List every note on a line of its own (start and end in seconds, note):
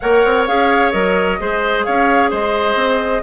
0.00 0.24 A#3
0.00 0.47 A#4
0.00 1.40 C#5
0.00 0.44 F#5
0.24 0.47 C4
0.46 0.93 C#4
0.46 0.92 G#4
0.46 0.90 F5
0.90 1.39 F#3
0.90 1.39 A#4
0.90 1.83 D#5
1.39 1.86 G#3
1.39 3.23 G#4
1.39 1.85 C5
1.83 2.32 C#4
1.83 2.30 C#5
1.83 2.29 F5
2.30 2.74 G#3
2.30 3.22 C5
2.30 3.23 D#5
2.74 3.20 C4